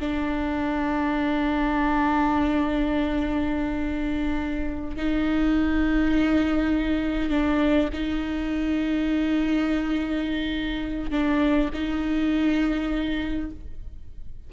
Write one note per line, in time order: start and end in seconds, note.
0.00 4.97 D4
4.97 7.30 D#4
7.30 7.89 D4
7.94 11.11 D#4
11.11 11.70 D4
11.74 13.51 D#4